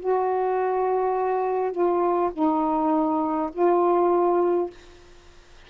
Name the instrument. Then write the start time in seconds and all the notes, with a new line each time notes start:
saxophone
0.00 F#4
1.72 F4
2.33 D#4
3.53 F4